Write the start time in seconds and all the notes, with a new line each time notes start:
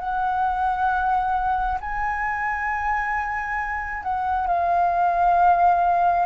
0.00 F#5
1.81 G#5
4.03 F#5
4.47 F5